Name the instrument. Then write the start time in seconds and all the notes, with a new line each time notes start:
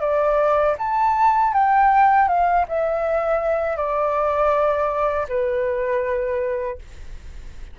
flute
0.00 D5
0.78 A5
1.53 G5
2.28 F5
2.68 E5
3.76 D5
5.28 B4